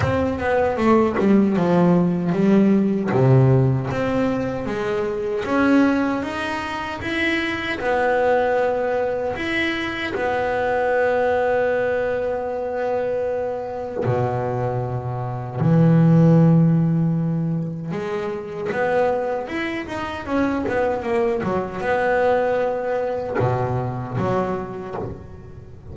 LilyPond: \new Staff \with { instrumentName = "double bass" } { \time 4/4 \tempo 4 = 77 c'8 b8 a8 g8 f4 g4 | c4 c'4 gis4 cis'4 | dis'4 e'4 b2 | e'4 b2.~ |
b2 b,2 | e2. gis4 | b4 e'8 dis'8 cis'8 b8 ais8 fis8 | b2 b,4 fis4 | }